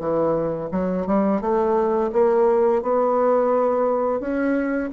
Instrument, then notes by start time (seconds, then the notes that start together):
bassoon
0.00 E3
0.72 F#3
1.07 G3
1.41 A3
2.13 A#3
2.83 B3
4.21 C#4